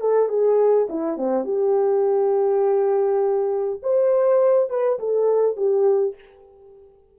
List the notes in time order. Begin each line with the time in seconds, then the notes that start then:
0.00 A4
0.28 G#4
0.89 E4
1.17 C4
1.44 G4
3.82 C5
4.69 B4
4.99 A4
5.56 G4